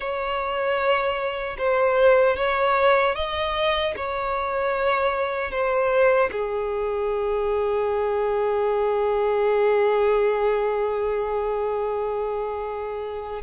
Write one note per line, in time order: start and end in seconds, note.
0.00 1.56 C#5
1.58 2.36 C5
2.36 3.15 C#5
3.15 3.94 D#5
3.96 5.50 C#5
5.50 6.29 C5
6.31 13.42 G#4